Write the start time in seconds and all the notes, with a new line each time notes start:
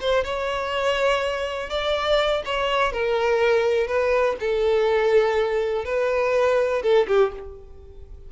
0.00 C5
0.24 C#5
1.69 D5
2.45 C#5
2.92 A#4
3.87 B4
4.40 A4
5.84 B4
6.82 A4
7.08 G4